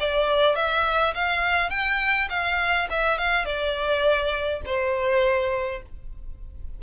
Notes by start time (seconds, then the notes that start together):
0.00 D5
0.56 E5
1.15 F5
1.70 G5
2.30 F5
2.90 E5
3.18 F5
3.46 D5
4.66 C5